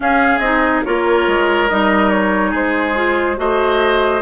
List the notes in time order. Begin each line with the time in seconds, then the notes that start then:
0.00 C#4 G#4 F5
0.38 C4 D#4 D#5
0.85 A#3 F4 A#4 C#5
1.27 G#3
1.68 G3 D#4 D#5
2.10 C#5
2.50 G#3 G#4 C5
2.95 F4
3.36 A3 F#4 C5 D#5